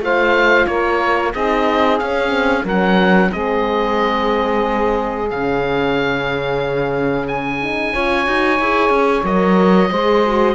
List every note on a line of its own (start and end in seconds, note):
0.00 0.66 A3
0.00 1.34 F4
0.00 0.68 C5
0.00 0.66 F5
0.66 1.33 A#3
0.66 1.33 A#4
0.66 1.32 C#5
1.33 2.01 C4
1.33 2.00 D#4
1.33 2.63 G#4
1.33 1.99 D#5
1.99 2.28 C#4
1.99 2.64 C#4
1.99 2.65 F5
2.28 2.61 C4
2.63 3.30 F#3
2.63 3.30 C#4
2.63 3.29 A#4
2.63 3.32 F#5
3.30 5.30 G#3
3.30 5.28 C4
3.30 7.92 G#4
3.30 5.30 D#5
5.30 7.94 C#3
5.30 7.60 C#4
5.30 7.27 F5
7.27 9.25 G#5
7.60 7.93 D#4
7.92 8.27 C#4
7.92 8.25 F4
7.92 9.90 C#5
8.25 8.60 D#4
8.25 8.58 F#4
8.60 8.90 E4
8.60 9.24 G#4
8.90 9.23 C#4
9.23 9.89 F#3
9.23 9.90 A#4
9.23 10.55 D#5
9.90 10.55 G#3
9.90 10.24 G#4
9.90 10.55 C5
10.25 10.55 F#4